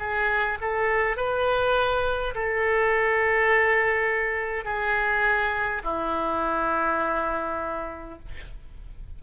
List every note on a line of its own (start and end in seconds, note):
0.00 0.59 G#4
0.61 1.17 A4
1.17 2.34 B4
2.35 4.65 A4
4.65 5.82 G#4
5.84 8.19 E4